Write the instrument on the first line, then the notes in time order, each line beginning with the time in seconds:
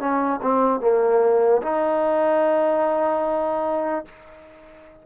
trombone
0.00 C#4
0.42 C4
0.81 A#3
1.62 D#4